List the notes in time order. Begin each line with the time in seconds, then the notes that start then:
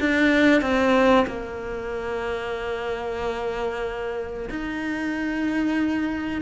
0.00 D4
0.61 C4
1.27 A#3
4.50 D#4